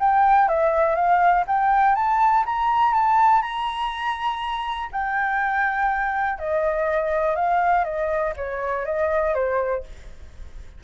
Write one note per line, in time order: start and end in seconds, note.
0.00 0.49 G5
0.49 0.96 E5
0.96 1.45 F5
1.48 1.96 G5
1.96 2.45 A5
2.46 2.94 A#5
2.94 3.42 A5
3.42 4.90 A#5
4.92 6.39 G5
6.39 7.36 D#5
7.36 7.85 F5
7.85 8.34 D#5
8.37 8.85 C#5
8.85 9.35 D#5
9.35 9.84 C5